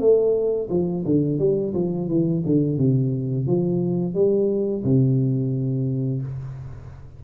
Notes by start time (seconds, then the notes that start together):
0.00 A3
0.70 F3
1.06 D3
1.39 G3
1.74 F3
2.09 E3
2.46 D3
2.78 C3
3.47 F3
4.14 G3
4.84 C3